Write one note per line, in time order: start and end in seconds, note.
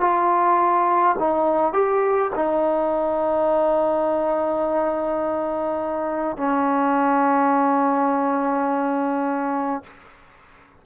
0.00 1.15 F4
1.19 1.73 D#4
1.73 2.30 G4
2.34 6.37 D#4
6.37 9.83 C#4